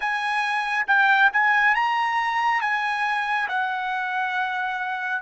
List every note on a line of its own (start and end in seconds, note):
0.00 0.85 G#5
0.87 1.30 G5
1.32 1.74 G#5
1.74 2.61 A#5
2.61 3.48 G#5
3.48 5.22 F#5